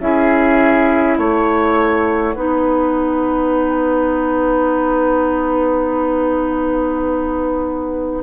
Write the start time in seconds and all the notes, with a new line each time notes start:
0.00 C#4 E4 G#4 E5
1.17 A3 C#5 F#5
2.35 B3 D#4 B4